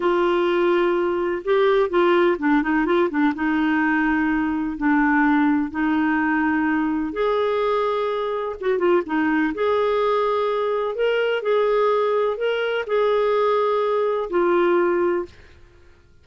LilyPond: \new Staff \with { instrumentName = "clarinet" } { \time 4/4 \tempo 4 = 126 f'2. g'4 | f'4 d'8 dis'8 f'8 d'8 dis'4~ | dis'2 d'2 | dis'2. gis'4~ |
gis'2 fis'8 f'8 dis'4 | gis'2. ais'4 | gis'2 ais'4 gis'4~ | gis'2 f'2 | }